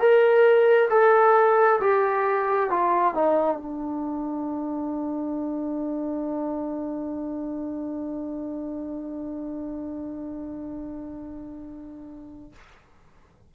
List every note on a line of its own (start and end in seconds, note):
0.00 0.90 A#4
0.90 1.80 A4
1.81 2.70 G4
2.70 3.15 F4
3.15 3.57 D#4
3.57 12.53 D4